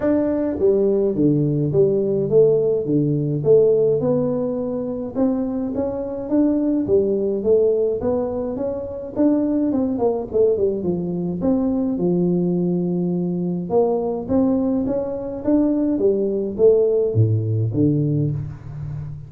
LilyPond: \new Staff \with { instrumentName = "tuba" } { \time 4/4 \tempo 4 = 105 d'4 g4 d4 g4 | a4 d4 a4 b4~ | b4 c'4 cis'4 d'4 | g4 a4 b4 cis'4 |
d'4 c'8 ais8 a8 g8 f4 | c'4 f2. | ais4 c'4 cis'4 d'4 | g4 a4 a,4 d4 | }